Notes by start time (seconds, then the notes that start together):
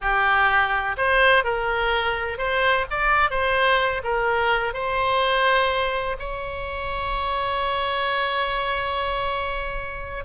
0.01 G4
0.97 C5
1.44 A#4
2.37 C5
2.90 D5
3.30 C5
4.03 A#4
4.73 C5
6.19 C#5